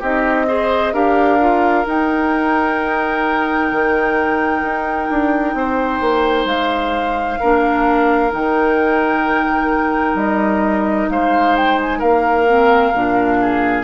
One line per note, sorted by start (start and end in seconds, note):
0.00 0.93 C4
0.00 0.47 D#4
0.00 0.46 G4
0.00 0.93 D#5
0.47 0.93 G#4
0.47 0.93 C5
0.93 1.85 D4
0.93 1.39 G4
0.93 5.55 A#4
0.93 1.86 F5
1.40 1.85 F4
1.85 7.39 D#4
1.85 3.71 D#4
1.85 6.47 G5
3.72 4.62 D#3
4.62 5.08 D#4
5.10 5.54 D4
5.54 6.00 C4
5.54 7.40 C5
6.01 6.45 A#3
6.45 7.37 G#3
6.45 8.32 F5
7.40 8.33 A#3
7.40 8.30 D4
7.40 11.09 A#4
8.30 10.15 D#3
8.30 12.46 D#4
8.30 10.17 G5
10.15 11.07 G3
10.15 11.09 D#5
11.10 12.02 G#3
11.10 11.99 C5
11.10 11.56 F5
11.56 11.79 G5
11.81 12.00 G#5
11.99 12.94 A#3
11.99 13.37 A#4
11.99 13.84 F5
12.47 12.93 C4
12.94 13.84 A#2
12.94 13.84 D4
13.41 13.84 G#4